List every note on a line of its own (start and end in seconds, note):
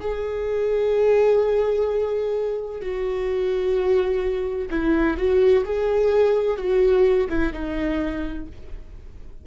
0.00 2.81 G#4
2.81 4.69 F#4
4.70 5.17 E4
5.17 5.64 F#4
5.65 6.57 G#4
6.57 7.27 F#4
7.30 7.53 E4
7.53 8.47 D#4